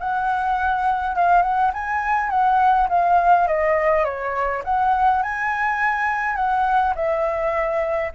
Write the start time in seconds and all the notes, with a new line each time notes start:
0.00 F#5
1.15 F5
1.42 F#5
1.74 G#5
2.30 F#5
2.89 F5
3.48 D#5
4.05 C#5
4.64 F#5
5.23 G#5
6.36 F#5
6.96 E5